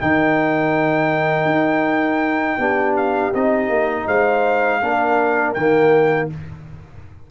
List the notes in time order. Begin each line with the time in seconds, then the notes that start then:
0.00 D#3 D#4 A#4 G5
1.45 D#4
2.58 B3 D4 G4
2.96 F5
3.34 C4 D#4 D#5
3.69 A#3
4.06 G#3 C5 F5
4.80 A#3 D4 A#4
5.54 D#3 A#3 G5